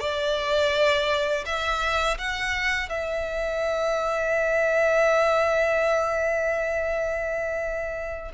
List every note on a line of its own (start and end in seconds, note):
0.00 1.45 D5
1.45 2.18 E5
2.18 2.89 F#5
2.89 8.31 E5